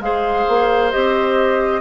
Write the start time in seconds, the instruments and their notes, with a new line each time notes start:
0.00 bassoon G#3, clarinet G#4, oboe C5, flute F5
0.48 bassoon A#3
0.92 bassoon C4, clarinet G4, flute D#5